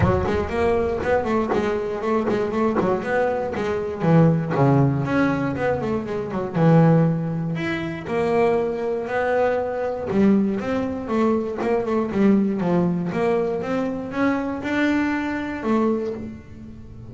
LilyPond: \new Staff \with { instrumentName = "double bass" } { \time 4/4 \tempo 4 = 119 fis8 gis8 ais4 b8 a8 gis4 | a8 gis8 a8 fis8 b4 gis4 | e4 cis4 cis'4 b8 a8 | gis8 fis8 e2 e'4 |
ais2 b2 | g4 c'4 a4 ais8 a8 | g4 f4 ais4 c'4 | cis'4 d'2 a4 | }